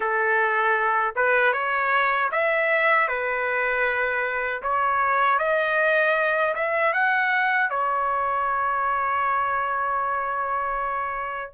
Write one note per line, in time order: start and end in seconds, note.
0.00 1.14 A4
1.15 1.52 B4
1.52 2.29 C#5
2.31 3.08 E5
3.08 4.62 B4
4.62 5.38 C#5
5.38 6.54 D#5
6.54 6.93 E5
6.93 7.70 F#5
7.70 11.53 C#5